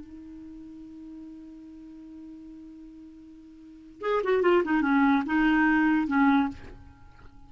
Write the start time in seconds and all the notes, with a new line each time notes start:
0.00 D#4
4.01 G#4
4.23 F#4
4.42 F4
4.64 D#4
4.82 C#4
5.26 D#4
6.07 C#4